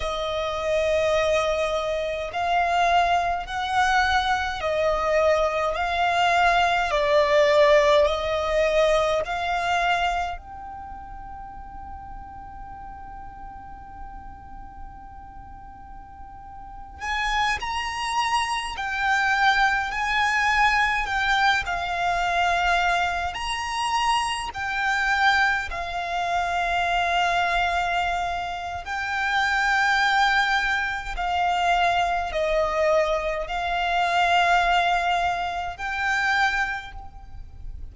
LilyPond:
\new Staff \with { instrumentName = "violin" } { \time 4/4 \tempo 4 = 52 dis''2 f''4 fis''4 | dis''4 f''4 d''4 dis''4 | f''4 g''2.~ | g''2~ g''8. gis''8 ais''8.~ |
ais''16 g''4 gis''4 g''8 f''4~ f''16~ | f''16 ais''4 g''4 f''4.~ f''16~ | f''4 g''2 f''4 | dis''4 f''2 g''4 | }